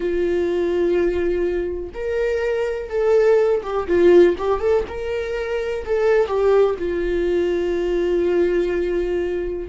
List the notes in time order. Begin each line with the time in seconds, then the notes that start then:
0.00 F4
1.94 A#4
2.89 A4
3.62 G4
3.87 F4
4.38 G4
4.60 A4
4.87 A#4
5.85 A4
6.26 G4
6.78 F4